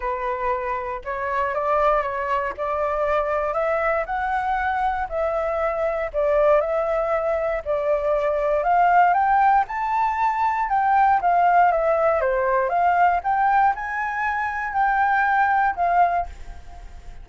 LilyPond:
\new Staff \with { instrumentName = "flute" } { \time 4/4 \tempo 4 = 118 b'2 cis''4 d''4 | cis''4 d''2 e''4 | fis''2 e''2 | d''4 e''2 d''4~ |
d''4 f''4 g''4 a''4~ | a''4 g''4 f''4 e''4 | c''4 f''4 g''4 gis''4~ | gis''4 g''2 f''4 | }